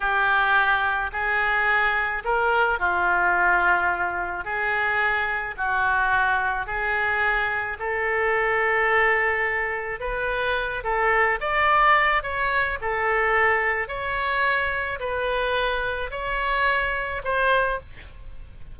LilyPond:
\new Staff \with { instrumentName = "oboe" } { \time 4/4 \tempo 4 = 108 g'2 gis'2 | ais'4 f'2. | gis'2 fis'2 | gis'2 a'2~ |
a'2 b'4. a'8~ | a'8 d''4. cis''4 a'4~ | a'4 cis''2 b'4~ | b'4 cis''2 c''4 | }